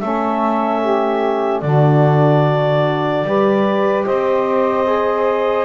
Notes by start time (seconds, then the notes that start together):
0.00 A3 C#4 A4 E5
0.81 G4
1.61 D3 D4 F#4 D5
3.24 G3 G4 B4
4.06 C4 C5 D#5
4.87 G#4